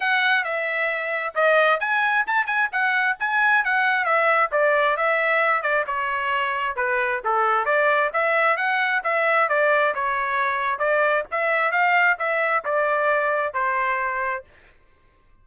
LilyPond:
\new Staff \with { instrumentName = "trumpet" } { \time 4/4 \tempo 4 = 133 fis''4 e''2 dis''4 | gis''4 a''8 gis''8 fis''4 gis''4 | fis''4 e''4 d''4 e''4~ | e''8 d''8 cis''2 b'4 |
a'4 d''4 e''4 fis''4 | e''4 d''4 cis''2 | d''4 e''4 f''4 e''4 | d''2 c''2 | }